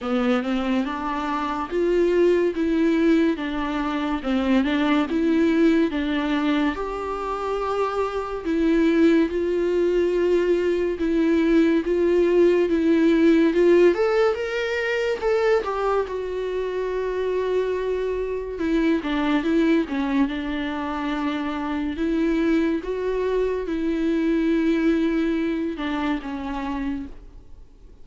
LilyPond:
\new Staff \with { instrumentName = "viola" } { \time 4/4 \tempo 4 = 71 b8 c'8 d'4 f'4 e'4 | d'4 c'8 d'8 e'4 d'4 | g'2 e'4 f'4~ | f'4 e'4 f'4 e'4 |
f'8 a'8 ais'4 a'8 g'8 fis'4~ | fis'2 e'8 d'8 e'8 cis'8 | d'2 e'4 fis'4 | e'2~ e'8 d'8 cis'4 | }